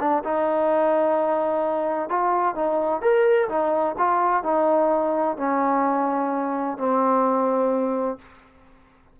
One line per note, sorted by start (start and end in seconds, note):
0.00 0.23 D4
0.25 2.09 D#4
2.09 2.56 F4
2.56 3.02 D#4
3.02 3.49 A#4
3.49 3.96 D#4
3.98 4.44 F4
4.44 5.38 D#4
5.38 6.78 C#4
6.78 8.19 C4